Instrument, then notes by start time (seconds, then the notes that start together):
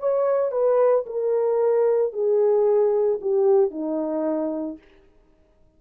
horn
0.00 C#5
0.52 B4
1.07 A#4
2.13 G#4
3.22 G4
3.71 D#4